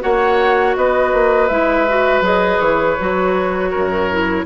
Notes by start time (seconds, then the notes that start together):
0.00 A#3 F#4 C#5 F#5
0.76 B3 B4 D#5
1.13 A#3
1.48 G#3 E4 E5
1.88 F#4
2.21 F#3 G#4 D#5
2.60 E3 C#5
2.99 F#3 F#4
3.70 F#2 A#4
4.11 E4